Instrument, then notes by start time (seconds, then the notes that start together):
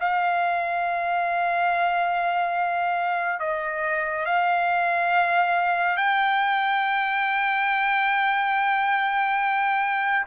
trumpet
0.00 F5
3.40 D#5
4.25 F5
5.97 G5